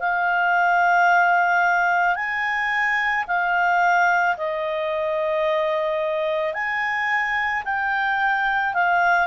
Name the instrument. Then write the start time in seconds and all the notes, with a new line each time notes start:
clarinet
0.00 F5
2.15 G#5
3.27 F5
4.37 D#5
6.54 G#5
7.65 G5
8.74 F5